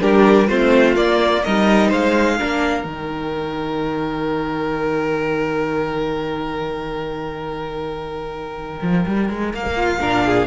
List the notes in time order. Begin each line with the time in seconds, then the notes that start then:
0.00 G3 D4 G4 A#4
0.48 A3 C4 F4 C5
0.96 A#3 D5
1.44 G3 D#4 A#4 D#5
1.89 G#3 C5 F5
2.39 A#3 D4 A#4
2.84 D#3 D#4 G5
8.82 F3
9.07 G3
9.30 G#3
9.54 A#3 F5
9.76 F4
10.00 A#2 D4 A#4
10.26 G#4